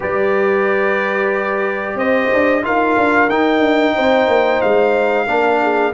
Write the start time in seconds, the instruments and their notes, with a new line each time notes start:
0.00 tuba G3, trombone G4, horn B4, trumpet D5
1.94 tuba C4, horn C5, trumpet D#5
2.33 tuba D4
2.62 tuba D#4, trombone F4, horn A#4, trumpet F5
2.97 tuba D4
3.29 tuba D#4, trombone D#4, trumpet G5
3.59 tuba D4
3.95 tuba C4, horn C5
4.27 tuba A#3
4.61 tuba G#3, trumpet F5
5.27 tuba A#3, trombone D4, horn A#4
5.61 horn G#4